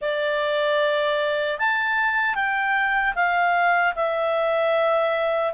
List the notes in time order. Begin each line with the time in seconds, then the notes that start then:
0.01 D5
1.58 A5
2.35 G5
3.15 F5
3.95 E5